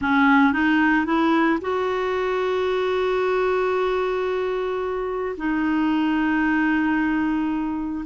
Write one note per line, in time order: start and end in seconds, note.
0.01 0.52 C#4
0.52 1.05 D#4
1.05 1.59 E4
1.61 5.36 F#4
5.37 8.05 D#4